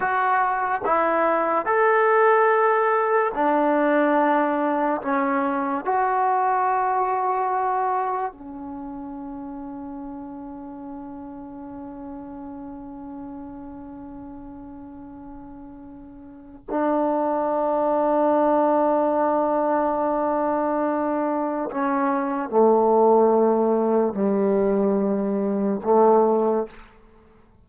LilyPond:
\new Staff \with { instrumentName = "trombone" } { \time 4/4 \tempo 4 = 72 fis'4 e'4 a'2 | d'2 cis'4 fis'4~ | fis'2 cis'2~ | cis'1~ |
cis'1 | d'1~ | d'2 cis'4 a4~ | a4 g2 a4 | }